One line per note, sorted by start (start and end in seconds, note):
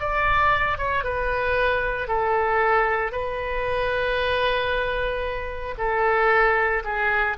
0.00 0.78 D5
0.78 1.04 C#5
1.04 2.08 B4
2.08 3.12 A4
3.12 5.75 B4
5.78 6.83 A4
6.85 7.37 G#4